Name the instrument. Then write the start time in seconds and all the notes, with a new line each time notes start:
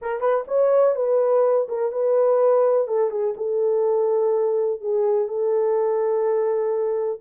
horn
0.01 A#4
0.20 B4
0.47 C#5
0.95 B4
1.68 A#4
1.91 B4
2.87 A4
3.10 G#4
3.36 A4
4.80 G#4
5.28 A4